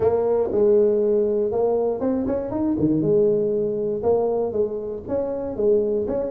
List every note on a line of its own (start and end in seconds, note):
0.00 0.50 A#3
0.51 1.51 G#3
1.51 2.00 A#3
2.00 2.25 C4
2.26 2.50 C#4
2.50 2.76 D#4
2.79 3.01 D#3
3.01 4.02 G#3
4.02 4.52 A#3
4.52 5.03 G#3
5.08 5.56 C#4
5.56 6.06 G#3
6.07 6.31 C#4